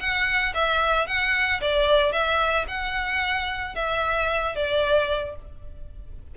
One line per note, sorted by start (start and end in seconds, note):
0.00 0.54 F#5
0.54 1.07 E5
1.07 1.60 F#5
1.61 2.12 D5
2.12 2.66 E5
2.68 3.75 F#5
3.75 4.55 E5
4.55 5.36 D5